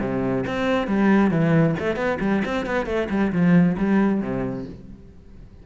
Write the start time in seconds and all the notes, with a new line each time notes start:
0.00 C3
0.47 C4
0.87 G3
1.31 E3
1.79 A3
1.96 B3
2.20 G3
2.45 C4
2.66 B3
2.86 A3
3.10 G3
3.32 F3
3.78 G3
4.21 C3